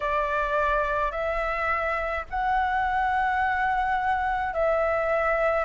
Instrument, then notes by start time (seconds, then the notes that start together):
flute
0.00 D5
1.11 E5
2.30 F#5
4.53 E5